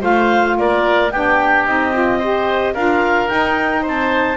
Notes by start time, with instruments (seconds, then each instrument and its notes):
0.00 double bass A3, saxophone F4, oboe C5, clarinet F5
0.58 double bass A#3, oboe A#4, clarinet D5
1.11 double bass B3, saxophone D4, oboe G4, clarinet G5
1.66 double bass C4, saxophone D#4, clarinet D#5
1.94 saxophone F4
2.19 saxophone G4, oboe C5
2.74 double bass D4, saxophone F4, oboe A#4, clarinet F5
3.27 saxophone D#4, double bass D#4, clarinet G5
3.82 double bass C4, oboe C5
3.89 clarinet A5